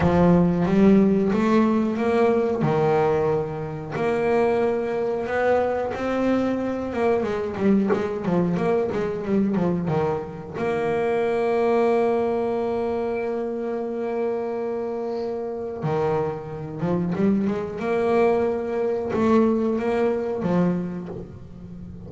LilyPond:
\new Staff \with { instrumentName = "double bass" } { \time 4/4 \tempo 4 = 91 f4 g4 a4 ais4 | dis2 ais2 | b4 c'4. ais8 gis8 g8 | gis8 f8 ais8 gis8 g8 f8 dis4 |
ais1~ | ais1 | dis4. f8 g8 gis8 ais4~ | ais4 a4 ais4 f4 | }